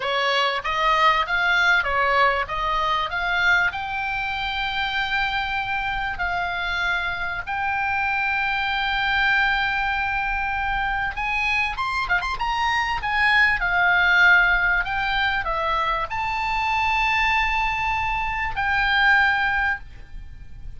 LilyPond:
\new Staff \with { instrumentName = "oboe" } { \time 4/4 \tempo 4 = 97 cis''4 dis''4 f''4 cis''4 | dis''4 f''4 g''2~ | g''2 f''2 | g''1~ |
g''2 gis''4 c'''8 f''16 c'''16 | ais''4 gis''4 f''2 | g''4 e''4 a''2~ | a''2 g''2 | }